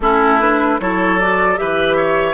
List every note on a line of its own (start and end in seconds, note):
0.00 0.79 A3
0.00 0.40 C#4
0.00 0.80 E4
0.00 0.39 A4
0.39 0.79 D4
0.39 0.79 B4
0.79 1.58 F#3
0.79 1.20 E4
0.79 1.60 A4
0.79 1.19 C#5
1.19 1.56 F#4
1.19 1.57 D5
1.56 2.34 E3
1.56 2.34 G4
1.56 1.96 B4
1.56 2.34 E5
1.96 2.34 C#5